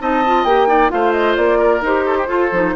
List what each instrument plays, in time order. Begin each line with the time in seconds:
0.00 bassoon C4, clarinet D#4, oboe D#5, flute A5
0.26 clarinet F4
0.44 bassoon A#3, clarinet G4, flute G5
0.67 clarinet D#4, oboe D5
0.89 bassoon A3, clarinet F4, oboe C5, flute F5
1.12 flute D#5
1.36 bassoon A#3, flute D5
1.58 oboe A#4
1.81 bassoon D#4, clarinet G4, flute C5
2.06 oboe A4
2.18 oboe G4
2.26 clarinet F4, bassoon F4, oboe A4
2.52 bassoon F3, clarinet D#4